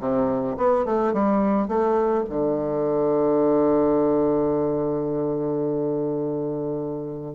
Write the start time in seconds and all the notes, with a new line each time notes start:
0.00 C3
0.57 B3
0.85 A3
1.13 G3
1.68 A3
2.29 D3